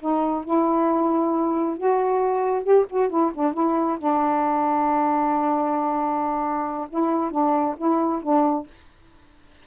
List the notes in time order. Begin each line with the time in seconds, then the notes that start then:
0.00 D#4
0.45 E4
1.78 F#4
2.63 G4
2.90 F#4
3.09 E4
3.34 D4
3.54 E4
3.99 D4
6.89 E4
7.31 D4
7.78 E4
8.22 D4